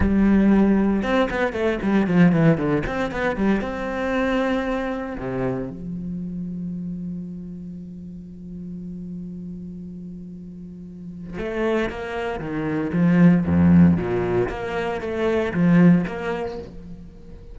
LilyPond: \new Staff \with { instrumentName = "cello" } { \time 4/4 \tempo 4 = 116 g2 c'8 b8 a8 g8 | f8 e8 d8 c'8 b8 g8 c'4~ | c'2 c4 f4~ | f1~ |
f1~ | f2 a4 ais4 | dis4 f4 f,4 ais,4 | ais4 a4 f4 ais4 | }